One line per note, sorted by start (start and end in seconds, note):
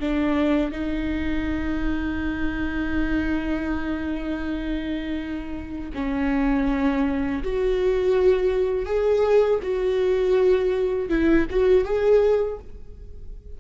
0.00 0.72 D4
0.72 5.90 D#4
5.95 7.43 C#4
7.43 8.86 F#4
8.86 9.60 G#4
9.63 11.09 F#4
11.09 11.46 E4
11.50 11.85 F#4
11.85 12.59 G#4